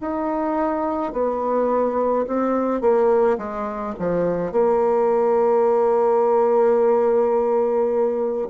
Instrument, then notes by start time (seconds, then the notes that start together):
bassoon
0.00 D#4
1.12 B3
2.27 C4
2.80 A#3
3.38 G#3
3.99 F3
4.52 A#3